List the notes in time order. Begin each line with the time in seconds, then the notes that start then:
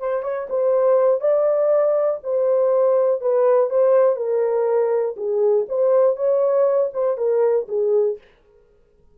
0.00 C5
0.23 C#5
0.50 C5
1.21 D5
2.24 C5
3.22 B4
3.70 C5
4.17 A#4
5.17 G#4
5.69 C5
6.17 C#5
6.94 C5
7.18 A#4
7.69 G#4